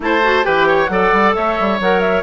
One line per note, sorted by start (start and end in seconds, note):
0.00 0.44 A3
0.00 0.21 E4
0.00 0.45 C5
0.00 0.44 A5
0.22 0.43 F#4
0.43 0.88 E3
0.43 0.88 G4
0.43 0.67 B4
0.43 0.86 G5
0.67 0.90 C#5
0.86 1.11 F#3
0.86 1.79 A4
0.86 1.35 D5
0.86 1.31 F#5
1.12 1.34 G3
1.35 1.59 A3
1.35 2.23 C#5
1.35 1.79 E5
1.59 1.80 G3
1.80 2.23 F#3
1.80 2.23 A#4
1.80 2.00 F#5
2.00 2.22 E5